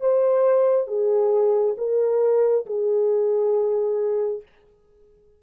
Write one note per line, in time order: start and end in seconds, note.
0.00 0.87 C5
0.87 1.75 G#4
1.77 2.65 A#4
2.66 4.42 G#4